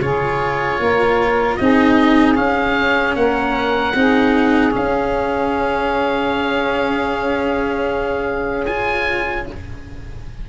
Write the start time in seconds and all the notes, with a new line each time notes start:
0.00 C#3 F4 G#4 C#5
0.79 A#3 A#4
1.55 C4 D#4 G#4 D#5
2.35 C#4 F5
3.15 A#3 A#4 F#5
3.94 C4 D#4 G#4
4.71 C#4 F5
8.65 F4 G#5